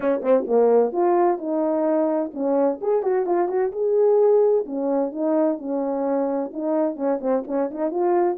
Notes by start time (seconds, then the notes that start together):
0.00 C#4
0.22 C4
0.47 A#3
0.92 F4
1.38 D#4
2.33 C#4
2.81 G#4
3.02 F#4
3.26 F4
3.48 F#4
3.72 G#4
4.65 C#4
5.12 D#4
5.58 C#4
6.53 D#4
6.96 C#4
7.20 C4
7.47 C#4
7.71 D#4
7.90 F4